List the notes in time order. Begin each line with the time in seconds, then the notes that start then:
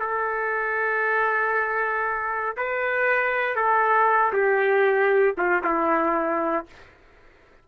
0.00 A4
2.57 B4
3.56 A4
4.33 G4
5.38 F4
5.64 E4